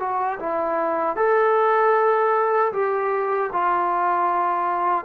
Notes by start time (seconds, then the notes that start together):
0.00 F#4
0.40 E4
1.17 A4
2.73 G4
3.53 F4